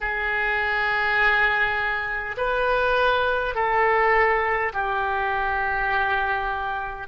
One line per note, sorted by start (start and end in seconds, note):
0.01 2.36 G#4
2.37 3.55 B4
3.55 4.72 A4
4.73 7.07 G4